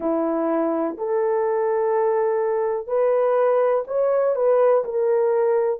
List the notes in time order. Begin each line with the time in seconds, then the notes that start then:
0.00 E4
0.97 A4
2.87 B4
3.87 C#5
4.35 B4
4.84 A#4